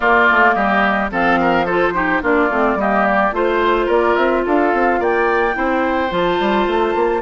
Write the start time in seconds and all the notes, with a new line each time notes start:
0.00 A#3 F4 D5
0.30 A3
0.54 G3 G4 D#5
1.10 F3 C4 A4 F5
1.40 A#4
1.65 F4 A4 C5
1.94 D#4 G4
2.21 A#3 D4 F4 D5
2.49 A3 C4
2.75 G3 A#3 G4 D#5
3.06 D5
3.32 A3 F4 C5
3.86 A#3 A#4 D5
4.15 C4 E5
4.45 D4 A4 F5
4.73 C4
4.99 A#3 D5 G5
5.53 C4 E4 C5
6.09 F3 F4 A5
6.39 G3
6.66 A3
6.95 A#3